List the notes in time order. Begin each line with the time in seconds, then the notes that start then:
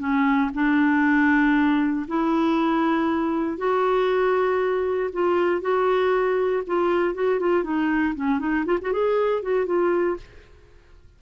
0.00 C#4
0.54 D4
2.08 E4
3.58 F#4
5.13 F4
5.62 F#4
6.67 F4
7.15 F#4
7.40 F4
7.64 D#4
8.16 C#4
8.40 D#4
8.66 F4
8.82 F#4
8.93 G#4
9.43 F#4
9.66 F4